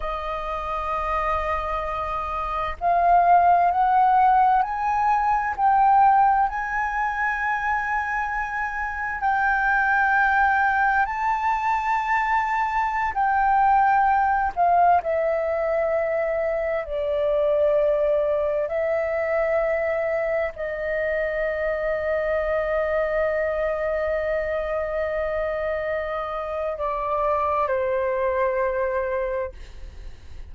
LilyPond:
\new Staff \with { instrumentName = "flute" } { \time 4/4 \tempo 4 = 65 dis''2. f''4 | fis''4 gis''4 g''4 gis''4~ | gis''2 g''2 | a''2~ a''16 g''4. f''16~ |
f''16 e''2 d''4.~ d''16~ | d''16 e''2 dis''4.~ dis''16~ | dis''1~ | dis''4 d''4 c''2 | }